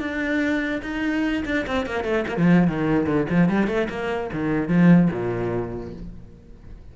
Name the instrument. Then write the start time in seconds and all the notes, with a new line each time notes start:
cello
0.00 D4
0.83 D#4
1.46 D4
1.67 C4
1.87 A#3
2.04 A3
2.28 A#3
2.37 F3
2.68 D#3
3.06 D3
3.30 F3
3.50 G3
3.68 A3
3.90 A#3
4.33 D#3
4.68 F3
5.12 A#2